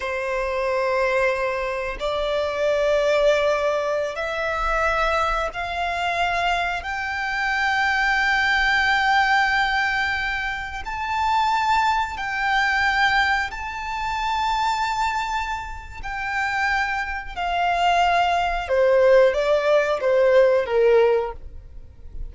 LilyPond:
\new Staff \with { instrumentName = "violin" } { \time 4/4 \tempo 4 = 90 c''2. d''4~ | d''2~ d''16 e''4.~ e''16~ | e''16 f''2 g''4.~ g''16~ | g''1~ |
g''16 a''2 g''4.~ g''16~ | g''16 a''2.~ a''8. | g''2 f''2 | c''4 d''4 c''4 ais'4 | }